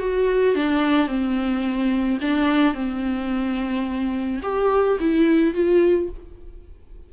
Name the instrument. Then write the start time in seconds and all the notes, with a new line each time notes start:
viola
0.00 F#4
0.56 D4
1.08 C4
2.22 D4
2.74 C4
4.43 G4
5.00 E4
5.54 F4